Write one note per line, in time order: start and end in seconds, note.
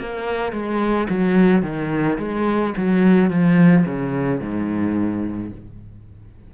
0.00 0.52 A#3
0.52 1.08 G#3
1.09 1.62 F#3
1.62 2.18 D#3
2.18 2.74 G#3
2.77 3.30 F#3
3.30 3.86 F3
3.86 4.40 C#3
4.40 5.52 G#2